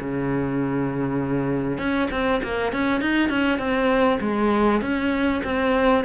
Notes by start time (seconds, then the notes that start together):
0.00 C#3
1.78 C#4
2.11 C4
2.43 A#3
2.72 C#4
3.01 D#4
3.29 C#4
3.58 C4
4.20 G#3
4.81 C#4
5.44 C4